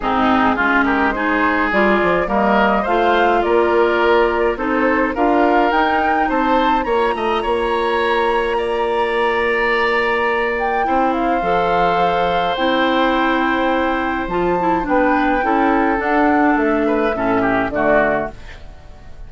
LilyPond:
<<
  \new Staff \with { instrumentName = "flute" } { \time 4/4 \tempo 4 = 105 gis'4. ais'8 c''4 d''4 | dis''4 f''4 d''2 | c''4 f''4 g''4 a''4 | ais''1~ |
ais''2~ ais''8 g''4 f''8~ | f''2 g''2~ | g''4 a''4 g''2 | fis''4 e''2 d''4 | }
  \new Staff \with { instrumentName = "oboe" } { \time 4/4 dis'4 f'8 g'8 gis'2 | ais'4 c''4 ais'2 | a'4 ais'2 c''4 | cis''8 dis''8 cis''2 d''4~ |
d''2. c''4~ | c''1~ | c''2 b'4 a'4~ | a'4. b'8 a'8 g'8 fis'4 | }
  \new Staff \with { instrumentName = "clarinet" } { \time 4/4 c'4 cis'4 dis'4 f'4 | ais4 f'2. | dis'4 f'4 dis'2 | f'1~ |
f'2. e'4 | a'2 e'2~ | e'4 f'8 e'8 d'4 e'4 | d'2 cis'4 a4 | }
  \new Staff \with { instrumentName = "bassoon" } { \time 4/4 gis,4 gis2 g8 f8 | g4 a4 ais2 | c'4 d'4 dis'4 c'4 | ais8 a8 ais2.~ |
ais2. c'4 | f2 c'2~ | c'4 f4 b4 cis'4 | d'4 a4 a,4 d4 | }
>>